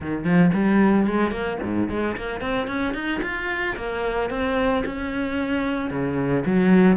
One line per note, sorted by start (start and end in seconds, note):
0.00 0.24 D#3
0.24 0.51 F3
0.53 1.06 G3
1.06 1.31 G#3
1.31 1.58 A#3
1.62 1.89 G#2
1.89 2.16 G#3
2.16 2.41 A#3
2.41 2.67 C4
2.67 2.93 C#4
2.93 3.20 D#4
3.22 3.75 F4
3.76 4.30 A#3
4.30 4.83 C4
4.85 5.90 C#4
5.90 6.44 C#3
6.45 6.96 F#3